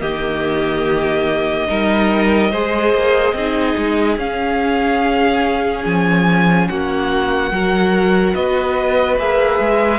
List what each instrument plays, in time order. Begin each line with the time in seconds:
0.00 cello D#3, viola A#3, violin G4 D#5
1.67 cello G3, viola D#4, violin A#4
2.51 cello G#3, viola G#4, violin C5
2.93 cello A#3
3.32 cello C4, viola D#4, violin G#4
3.77 cello G#3
4.16 cello C#4, viola C#4, violin F5
5.85 cello F3, violin G#5
6.68 cello A#3, violin F#4 F#5
7.51 cello F#3, viola F#4, violin A#4
8.35 cello B3, violin B4 D#5
9.18 cello A#3, viola G#4, violin E5
9.59 cello G#3